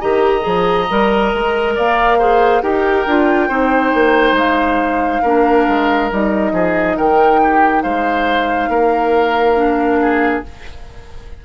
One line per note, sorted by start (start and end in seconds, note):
0.00 0.46 D#3
0.00 0.41 G4
0.00 1.74 D#5
0.00 1.75 A#5
0.41 0.89 F3
0.41 0.84 G#4
0.90 1.34 G3
0.90 2.20 A#4
1.34 1.77 G#3
1.75 2.62 A#3
1.75 2.18 D5
1.75 2.62 F5
2.18 2.62 G#4
2.18 2.62 C5
2.62 3.06 D#4
2.62 3.06 G4
2.62 3.48 A#4
2.62 4.36 G5
3.06 3.49 D4
3.06 3.50 F4
3.48 3.93 C4
3.48 5.24 D#4
3.48 5.22 C5
3.94 4.32 A#3
4.32 5.19 G#3
4.32 6.12 F5
5.22 5.68 A#3
5.22 6.11 D4
5.22 6.52 A#4
5.68 6.11 G#3
6.11 6.52 G3
6.11 9.57 D#4
6.11 6.97 D#5
6.52 6.96 F3
6.52 6.97 G#4
6.97 7.84 D#3
6.97 7.40 A#4
6.97 7.82 G5
7.43 7.83 G4
7.82 8.69 G#3
7.82 8.70 C5
7.82 10.43 F5
8.69 10.43 A#3
8.69 10.00 A#4
9.57 10.43 D4
10.01 10.45 G#4